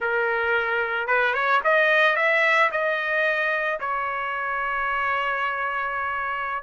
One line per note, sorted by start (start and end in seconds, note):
0.00 1.07 A#4
1.07 1.34 B4
1.34 1.61 C#5
1.64 2.16 D#5
2.16 2.70 E5
2.71 3.79 D#5
3.80 6.63 C#5